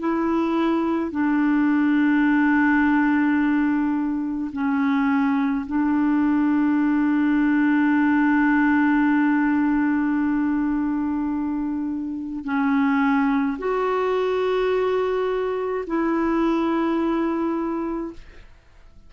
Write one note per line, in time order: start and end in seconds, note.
0.00 1.11 E4
1.11 4.51 D4
4.53 5.66 C#4
5.67 12.45 D4
12.45 13.58 C#4
13.58 15.85 F#4
15.87 18.14 E4